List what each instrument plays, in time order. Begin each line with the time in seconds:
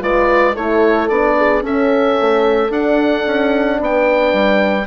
0.00 bassoon G#3, horn F4 B4, oboe D5
0.54 bassoon A3, horn E4 A4, oboe C#5
1.09 bassoon B3, horn D4, oboe D5
1.37 horn G#4
1.62 bassoon C#4, horn C#4 A4, oboe E5
2.21 bassoon A3
2.68 horn D4, bassoon D4, oboe F#5
3.26 bassoon C#4
3.80 bassoon B3, horn B4, oboe G5
4.33 bassoon G3